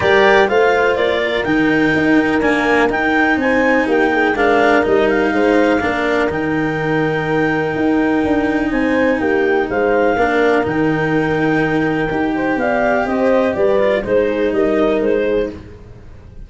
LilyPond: <<
  \new Staff \with { instrumentName = "clarinet" } { \time 4/4 \tempo 4 = 124 d''4 f''4 d''4 g''4~ | g''4 gis''4 g''4 gis''4 | g''4 f''4 dis''8 f''4.~ | f''4 g''2.~ |
g''2 gis''4 g''4 | f''2 g''2~ | g''2 f''4 dis''4 | d''4 c''4 dis''4 c''4 | }
  \new Staff \with { instrumentName = "horn" } { \time 4/4 ais'4 c''4. ais'4.~ | ais'2. c''4 | g'8 gis'8 ais'2 c''4 | ais'1~ |
ais'2 c''4 g'4 | c''4 ais'2.~ | ais'4. c''8 d''4 c''4 | b'4 c''8 gis'8 ais'4. gis'8 | }
  \new Staff \with { instrumentName = "cello" } { \time 4/4 g'4 f'2 dis'4~ | dis'4 ais4 dis'2~ | dis'4 d'4 dis'2 | d'4 dis'2.~ |
dis'1~ | dis'4 d'4 dis'2~ | dis'4 g'2.~ | g'8 f'8 dis'2. | }
  \new Staff \with { instrumentName = "tuba" } { \time 4/4 g4 a4 ais4 dis4 | dis'4 d'4 dis'4 c'4 | ais4 gis4 g4 gis4 | ais4 dis2. |
dis'4 d'4 c'4 ais4 | gis4 ais4 dis2~ | dis4 dis'4 b4 c'4 | g4 gis4 g4 gis4 | }
>>